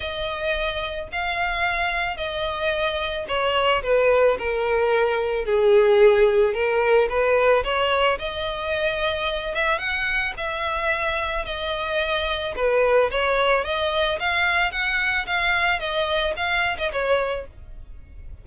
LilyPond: \new Staff \with { instrumentName = "violin" } { \time 4/4 \tempo 4 = 110 dis''2 f''2 | dis''2 cis''4 b'4 | ais'2 gis'2 | ais'4 b'4 cis''4 dis''4~ |
dis''4. e''8 fis''4 e''4~ | e''4 dis''2 b'4 | cis''4 dis''4 f''4 fis''4 | f''4 dis''4 f''8. dis''16 cis''4 | }